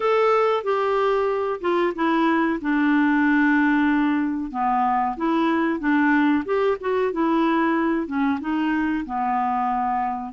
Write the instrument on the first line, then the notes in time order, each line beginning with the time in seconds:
clarinet
0.00 A4
0.63 G4
1.60 F4
1.95 E4
2.61 D4
4.51 B3
5.16 E4
5.79 D4
6.45 G4
6.80 F#4
7.12 E4
8.06 C#4
8.40 D#4
9.05 B3